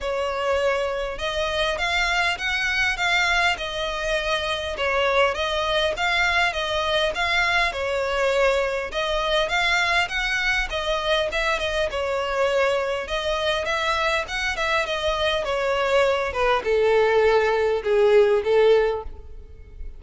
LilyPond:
\new Staff \with { instrumentName = "violin" } { \time 4/4 \tempo 4 = 101 cis''2 dis''4 f''4 | fis''4 f''4 dis''2 | cis''4 dis''4 f''4 dis''4 | f''4 cis''2 dis''4 |
f''4 fis''4 dis''4 e''8 dis''8 | cis''2 dis''4 e''4 | fis''8 e''8 dis''4 cis''4. b'8 | a'2 gis'4 a'4 | }